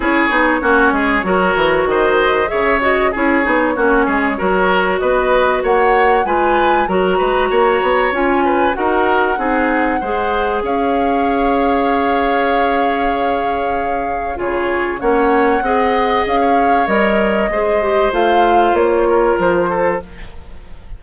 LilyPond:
<<
  \new Staff \with { instrumentName = "flute" } { \time 4/4 \tempo 4 = 96 cis''2. dis''4 | e''8 dis''8 cis''2. | dis''4 fis''4 gis''4 ais''4~ | ais''4 gis''4 fis''2~ |
fis''4 f''2.~ | f''2. cis''4 | fis''2 f''4 dis''4~ | dis''4 f''4 cis''4 c''4 | }
  \new Staff \with { instrumentName = "oboe" } { \time 4/4 gis'4 fis'8 gis'8 ais'4 c''4 | cis''4 gis'4 fis'8 gis'8 ais'4 | b'4 cis''4 b'4 ais'8 b'8 | cis''4. b'8 ais'4 gis'4 |
c''4 cis''2.~ | cis''2. gis'4 | cis''4 dis''4~ dis''16 cis''4.~ cis''16 | c''2~ c''8 ais'4 a'8 | }
  \new Staff \with { instrumentName = "clarinet" } { \time 4/4 e'8 dis'8 cis'4 fis'2 | gis'8 fis'8 e'8 dis'8 cis'4 fis'4~ | fis'2 f'4 fis'4~ | fis'4 f'4 fis'4 dis'4 |
gis'1~ | gis'2. f'4 | cis'4 gis'2 ais'4 | gis'8 g'8 f'2. | }
  \new Staff \with { instrumentName = "bassoon" } { \time 4/4 cis'8 b8 ais8 gis8 fis8 e8 dis4 | cis4 cis'8 b8 ais8 gis8 fis4 | b4 ais4 gis4 fis8 gis8 | ais8 b8 cis'4 dis'4 c'4 |
gis4 cis'2.~ | cis'2. cis4 | ais4 c'4 cis'4 g4 | gis4 a4 ais4 f4 | }
>>